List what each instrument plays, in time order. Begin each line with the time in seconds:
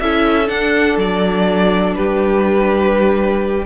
0.00 cello C#4, viola E4, violin A4 E5
0.47 viola D4, cello D4, violin F#5
0.97 cello F#3, violin D5
1.95 cello G3, violin G4 B4